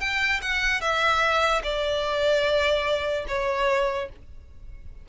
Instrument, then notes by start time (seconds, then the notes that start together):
violin
0.00 G5
0.42 F#5
0.81 E5
1.63 D5
3.28 C#5